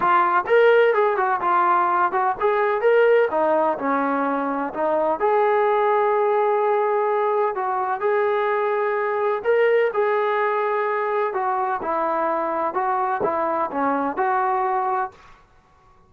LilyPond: \new Staff \with { instrumentName = "trombone" } { \time 4/4 \tempo 4 = 127 f'4 ais'4 gis'8 fis'8 f'4~ | f'8 fis'8 gis'4 ais'4 dis'4 | cis'2 dis'4 gis'4~ | gis'1 |
fis'4 gis'2. | ais'4 gis'2. | fis'4 e'2 fis'4 | e'4 cis'4 fis'2 | }